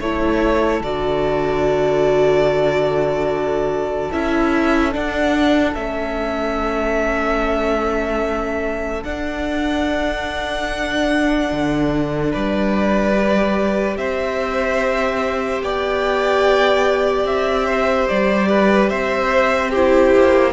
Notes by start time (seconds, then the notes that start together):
0.00 A3 E4 A4 C#5
0.81 D3 F#4 D5
4.11 C#4 E4 E5
4.92 D4 F#5
5.74 A3 C#4 E5
9.03 D4 F#5
11.52 D3
12.31 G3 B4 D5
13.15 G4
13.97 C4 C5 E5
15.62 B3 D5 G5
17.24 C4 E5
17.66 C5
18.08 G3 D5
18.48 B4
18.89 C4 C5 E5
19.70 E4 G4 C5
20.16 A#3